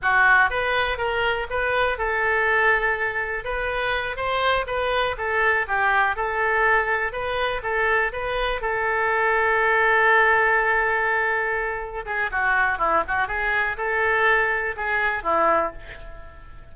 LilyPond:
\new Staff \with { instrumentName = "oboe" } { \time 4/4 \tempo 4 = 122 fis'4 b'4 ais'4 b'4 | a'2. b'4~ | b'8 c''4 b'4 a'4 g'8~ | g'8 a'2 b'4 a'8~ |
a'8 b'4 a'2~ a'8~ | a'1~ | a'8 gis'8 fis'4 e'8 fis'8 gis'4 | a'2 gis'4 e'4 | }